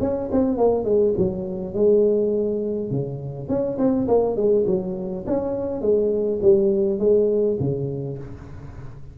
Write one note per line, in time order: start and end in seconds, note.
0.00 0.29 C#4
0.32 0.57 C4
0.57 0.84 A#3
0.84 1.14 G#3
1.17 1.74 F#3
1.74 2.90 G#3
2.90 3.48 C#3
3.48 3.77 C#4
3.78 4.07 C4
4.08 4.36 A#3
4.36 4.65 G#3
4.66 5.25 F#3
5.26 5.81 C#4
5.81 6.39 G#3
6.42 6.99 G3
6.99 7.57 G#3
7.59 8.18 C#3